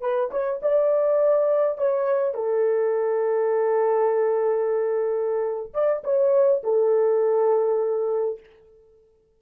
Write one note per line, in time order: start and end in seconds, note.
0.00 0.29 B4
0.30 0.60 C#5
0.62 1.78 D5
1.78 2.34 C#5
2.34 5.72 A4
5.73 6.03 D5
6.03 6.62 C#5
6.63 8.40 A4